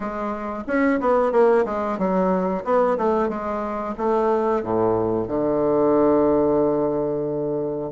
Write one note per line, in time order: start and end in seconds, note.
0.00 0.63 G#3
0.67 1.00 C#4
1.00 1.32 B3
1.32 1.65 A#3
1.65 1.98 G#3
1.98 2.64 F#3
2.64 2.97 B3
2.97 3.28 A3
3.28 3.94 G#3
3.97 4.62 A3
4.62 5.27 A2
5.27 7.91 D3